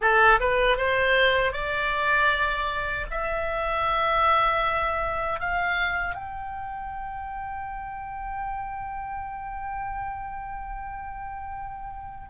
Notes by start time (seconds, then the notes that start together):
0.01 A4
0.40 B4
0.77 C5
1.52 D5
3.10 E5
5.40 F5
6.14 G5